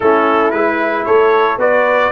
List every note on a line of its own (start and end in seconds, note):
0.00 0.53 A3
0.00 0.53 C#4
0.00 1.06 E4
0.00 0.50 A4
0.50 1.06 G#3
0.50 1.59 E4
0.50 1.04 B4
1.05 1.57 A3
1.05 1.59 A4
1.05 1.58 C#5
1.57 2.10 B3
1.57 2.11 F#4
1.57 2.11 B4
1.57 2.11 D5